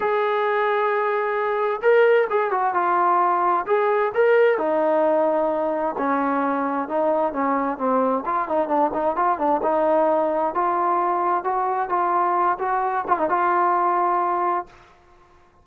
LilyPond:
\new Staff \with { instrumentName = "trombone" } { \time 4/4 \tempo 4 = 131 gis'1 | ais'4 gis'8 fis'8 f'2 | gis'4 ais'4 dis'2~ | dis'4 cis'2 dis'4 |
cis'4 c'4 f'8 dis'8 d'8 dis'8 | f'8 d'8 dis'2 f'4~ | f'4 fis'4 f'4. fis'8~ | fis'8 f'16 dis'16 f'2. | }